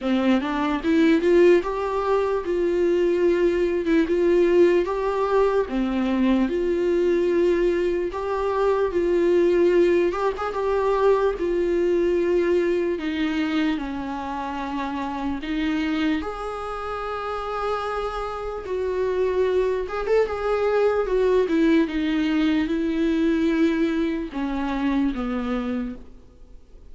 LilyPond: \new Staff \with { instrumentName = "viola" } { \time 4/4 \tempo 4 = 74 c'8 d'8 e'8 f'8 g'4 f'4~ | f'8. e'16 f'4 g'4 c'4 | f'2 g'4 f'4~ | f'8 g'16 gis'16 g'4 f'2 |
dis'4 cis'2 dis'4 | gis'2. fis'4~ | fis'8 gis'16 a'16 gis'4 fis'8 e'8 dis'4 | e'2 cis'4 b4 | }